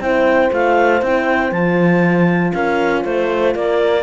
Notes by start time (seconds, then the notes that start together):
0.00 C4 E4 C5 G5
0.51 A3 F4 F5
1.02 C4 E4 G5
1.52 F3 F4 A5
2.53 C#4 A#4 F5
3.03 A3 C5
3.55 A#3 A#4 D5